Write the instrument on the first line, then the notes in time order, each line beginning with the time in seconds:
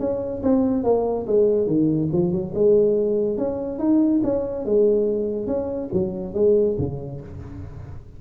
tuba
0.00 C#4
0.43 C4
0.84 A#3
1.27 G#3
1.67 D#3
2.13 F3
2.32 F#3
2.54 G#3
3.38 C#4
3.79 D#4
4.24 C#4
4.66 G#3
5.47 C#4
5.93 F#3
6.34 G#3
6.79 C#3